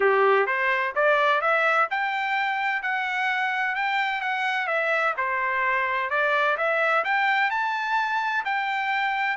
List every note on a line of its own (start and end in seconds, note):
0.00 0.46 G4
0.46 0.93 C5
0.95 1.41 D5
1.41 1.88 E5
1.90 2.82 G5
2.82 3.75 F#5
3.75 4.21 G5
4.21 4.67 F#5
4.67 5.13 E5
5.17 6.09 C5
6.09 6.56 D5
6.57 7.04 E5
7.04 7.50 G5
7.50 8.44 A5
8.45 9.36 G5